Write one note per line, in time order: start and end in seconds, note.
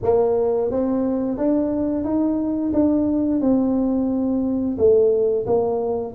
0.02 0.70 A#3
0.70 1.37 C4
1.37 2.04 D4
2.04 2.72 D#4
2.73 3.41 D4
3.41 4.77 C4
4.78 5.46 A3
5.46 6.14 A#3